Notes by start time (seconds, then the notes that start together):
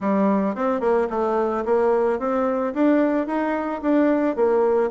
0.00 G3
0.55 C4
0.80 A#3
1.10 A3
1.65 A#3
2.19 C4
2.73 D4
3.26 D#4
3.82 D4
4.35 A#3